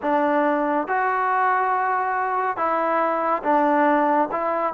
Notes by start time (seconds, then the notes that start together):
0.02 D4
0.87 F#4
2.56 E4
3.43 D4
4.31 E4